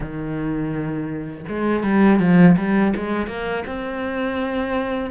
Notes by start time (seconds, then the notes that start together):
0.00 D#3
1.48 G#3
1.83 G3
2.19 F3
2.57 G3
2.95 G#3
3.27 A#3
3.66 C4